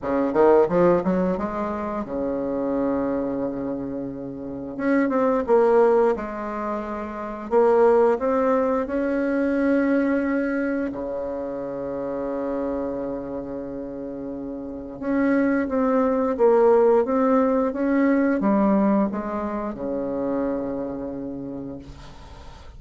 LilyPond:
\new Staff \with { instrumentName = "bassoon" } { \time 4/4 \tempo 4 = 88 cis8 dis8 f8 fis8 gis4 cis4~ | cis2. cis'8 c'8 | ais4 gis2 ais4 | c'4 cis'2. |
cis1~ | cis2 cis'4 c'4 | ais4 c'4 cis'4 g4 | gis4 cis2. | }